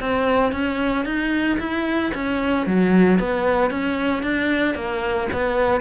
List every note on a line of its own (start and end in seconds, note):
0.00 0.52 C4
0.52 1.05 C#4
1.05 1.59 D#4
1.59 2.12 E4
2.15 2.67 C#4
2.67 3.19 F#3
3.19 3.70 B3
3.70 4.23 C#4
4.23 4.75 D4
4.75 5.28 A#3
5.33 5.81 B3